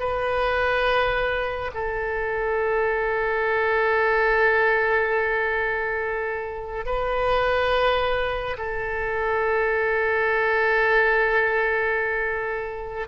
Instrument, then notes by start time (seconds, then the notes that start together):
oboe
0.00 B4
1.75 A4
6.86 B4
8.58 A4